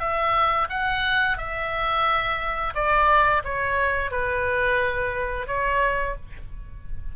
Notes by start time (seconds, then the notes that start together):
0.00 E5
0.70 F#5
1.38 E5
2.75 D5
3.44 C#5
4.11 B4
5.47 C#5